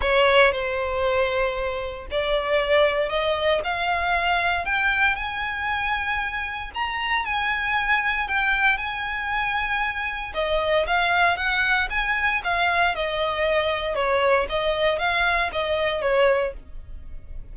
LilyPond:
\new Staff \with { instrumentName = "violin" } { \time 4/4 \tempo 4 = 116 cis''4 c''2. | d''2 dis''4 f''4~ | f''4 g''4 gis''2~ | gis''4 ais''4 gis''2 |
g''4 gis''2. | dis''4 f''4 fis''4 gis''4 | f''4 dis''2 cis''4 | dis''4 f''4 dis''4 cis''4 | }